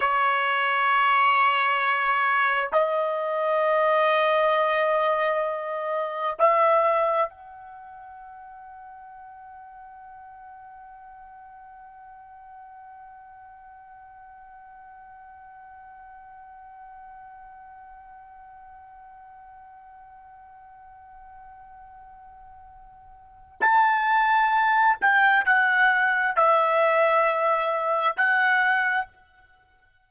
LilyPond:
\new Staff \with { instrumentName = "trumpet" } { \time 4/4 \tempo 4 = 66 cis''2. dis''4~ | dis''2. e''4 | fis''1~ | fis''1~ |
fis''1~ | fis''1~ | fis''2 a''4. g''8 | fis''4 e''2 fis''4 | }